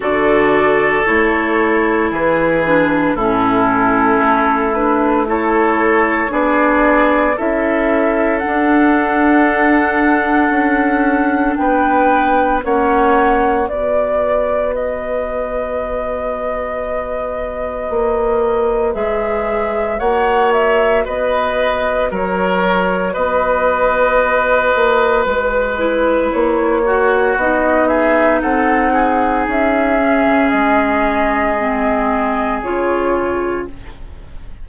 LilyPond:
<<
  \new Staff \with { instrumentName = "flute" } { \time 4/4 \tempo 4 = 57 d''4 cis''4 b'4 a'4~ | a'8 b'8 cis''4 d''4 e''4 | fis''2. g''4 | fis''4 d''4 dis''2~ |
dis''2 e''4 fis''8 e''8 | dis''4 cis''4 dis''2 | b'4 cis''4 dis''8 e''8 fis''4 | e''4 dis''2 cis''4 | }
  \new Staff \with { instrumentName = "oboe" } { \time 4/4 a'2 gis'4 e'4~ | e'4 a'4 gis'4 a'4~ | a'2. b'4 | cis''4 b'2.~ |
b'2. cis''4 | b'4 ais'4 b'2~ | b'4. fis'4 gis'8 a'8 gis'8~ | gis'1 | }
  \new Staff \with { instrumentName = "clarinet" } { \time 4/4 fis'4 e'4. d'8 cis'4~ | cis'8 d'8 e'4 d'4 e'4 | d'1 | cis'4 fis'2.~ |
fis'2 gis'4 fis'4~ | fis'1~ | fis'8 e'4 fis'8 dis'2~ | dis'8 cis'4. c'4 f'4 | }
  \new Staff \with { instrumentName = "bassoon" } { \time 4/4 d4 a4 e4 a,4 | a2 b4 cis'4 | d'2 cis'4 b4 | ais4 b2.~ |
b4 ais4 gis4 ais4 | b4 fis4 b4. ais8 | gis4 ais4 b4 c'4 | cis'8. cis16 gis2 cis4 | }
>>